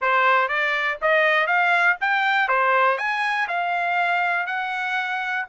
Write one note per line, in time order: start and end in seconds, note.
0.01 0.48 C5
0.48 0.97 D5
1.01 1.46 D#5
1.46 1.96 F5
2.00 2.48 G5
2.48 2.98 C5
2.98 3.47 G#5
3.48 4.46 F5
4.46 5.45 F#5